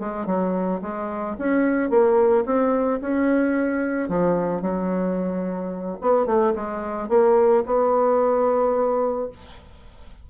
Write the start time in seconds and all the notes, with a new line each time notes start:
0.00 G#3
0.27 F#3
0.82 G#3
1.39 C#4
1.90 A#3
2.46 C4
3.01 C#4
4.09 F3
4.62 F#3
6.02 B3
6.27 A3
6.56 G#3
7.09 A#3
7.66 B3